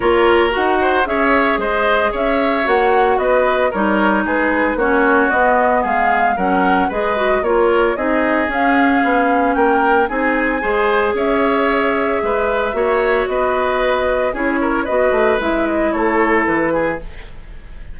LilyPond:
<<
  \new Staff \with { instrumentName = "flute" } { \time 4/4 \tempo 4 = 113 cis''4 fis''4 e''4 dis''4 | e''4 fis''4 dis''4 cis''4 | b'4 cis''4 dis''4 f''4 | fis''4 dis''4 cis''4 dis''4 |
f''2 g''4 gis''4~ | gis''4 e''2.~ | e''4 dis''2 cis''4 | dis''4 e''8 dis''8 cis''4 b'4 | }
  \new Staff \with { instrumentName = "oboe" } { \time 4/4 ais'4. c''8 cis''4 c''4 | cis''2 b'4 ais'4 | gis'4 fis'2 gis'4 | ais'4 b'4 ais'4 gis'4~ |
gis'2 ais'4 gis'4 | c''4 cis''2 b'4 | cis''4 b'2 gis'8 ais'8 | b'2 a'4. gis'8 | }
  \new Staff \with { instrumentName = "clarinet" } { \time 4/4 f'4 fis'4 gis'2~ | gis'4 fis'2 dis'4~ | dis'4 cis'4 b2 | cis'4 gis'8 fis'8 f'4 dis'4 |
cis'2. dis'4 | gis'1 | fis'2. e'4 | fis'4 e'2. | }
  \new Staff \with { instrumentName = "bassoon" } { \time 4/4 ais4 dis'4 cis'4 gis4 | cis'4 ais4 b4 g4 | gis4 ais4 b4 gis4 | fis4 gis4 ais4 c'4 |
cis'4 b4 ais4 c'4 | gis4 cis'2 gis4 | ais4 b2 cis'4 | b8 a8 gis4 a4 e4 | }
>>